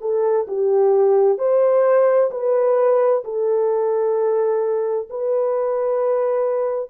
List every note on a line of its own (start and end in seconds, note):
0.00 0.46 A4
0.47 1.38 G4
1.38 2.30 C5
2.31 3.23 B4
3.24 5.09 A4
5.09 6.89 B4